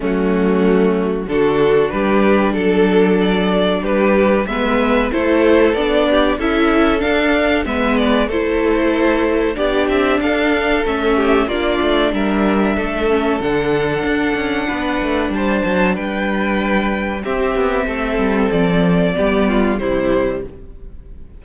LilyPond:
<<
  \new Staff \with { instrumentName = "violin" } { \time 4/4 \tempo 4 = 94 fis'2 a'4 b'4 | a'4 d''4 b'4 e''4 | c''4 d''4 e''4 f''4 | e''8 d''8 c''2 d''8 e''8 |
f''4 e''4 d''4 e''4~ | e''4 fis''2. | a''4 g''2 e''4~ | e''4 d''2 c''4 | }
  \new Staff \with { instrumentName = "violin" } { \time 4/4 cis'2 fis'4 g'4 | a'2 g'4 b'4 | a'4. g'8 a'2 | b'4 a'2 g'4 |
a'4. g'8 f'4 ais'4 | a'2. b'4 | c''4 b'2 g'4 | a'2 g'8 f'8 e'4 | }
  \new Staff \with { instrumentName = "viola" } { \time 4/4 a2 d'2~ | d'2. b4 | e'4 d'4 e'4 d'4 | b4 e'2 d'4~ |
d'4 cis'4 d'2~ | d'8 cis'8 d'2.~ | d'2. c'4~ | c'2 b4 g4 | }
  \new Staff \with { instrumentName = "cello" } { \time 4/4 fis2 d4 g4 | fis2 g4 gis4 | a4 b4 cis'4 d'4 | gis4 a2 b8 c'8 |
d'4 a4 ais8 a8 g4 | a4 d4 d'8 cis'8 b8 a8 | g8 fis8 g2 c'8 b8 | a8 g8 f4 g4 c4 | }
>>